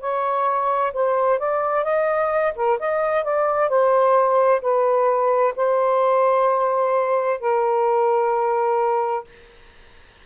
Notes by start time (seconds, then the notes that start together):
0.00 C#5
0.93 C5
1.38 D5
1.83 D#5
2.55 A#4
2.79 D#5
3.23 D5
3.69 C5
4.62 B4
5.56 C5
7.39 A#4